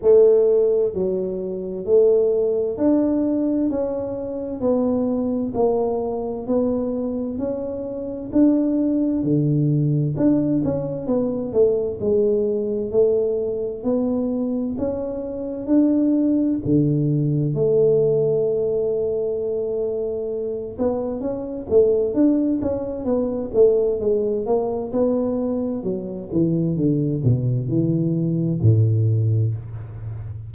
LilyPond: \new Staff \with { instrumentName = "tuba" } { \time 4/4 \tempo 4 = 65 a4 fis4 a4 d'4 | cis'4 b4 ais4 b4 | cis'4 d'4 d4 d'8 cis'8 | b8 a8 gis4 a4 b4 |
cis'4 d'4 d4 a4~ | a2~ a8 b8 cis'8 a8 | d'8 cis'8 b8 a8 gis8 ais8 b4 | fis8 e8 d8 b,8 e4 a,4 | }